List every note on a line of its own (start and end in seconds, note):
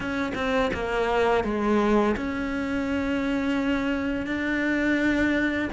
0.00 0.32 C#4
0.34 0.70 C4
0.73 1.44 A#3
1.44 2.15 G#3
2.16 4.26 C#4
4.26 5.69 D4